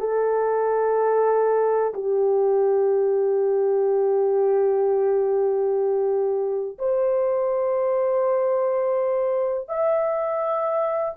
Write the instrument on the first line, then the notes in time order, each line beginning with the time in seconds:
horn
0.00 A4
1.94 G4
6.79 C5
9.69 E5